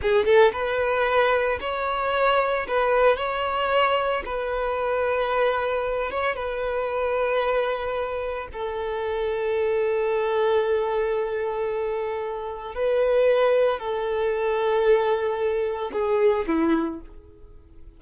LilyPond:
\new Staff \with { instrumentName = "violin" } { \time 4/4 \tempo 4 = 113 gis'8 a'8 b'2 cis''4~ | cis''4 b'4 cis''2 | b'2.~ b'8 cis''8 | b'1 |
a'1~ | a'1 | b'2 a'2~ | a'2 gis'4 e'4 | }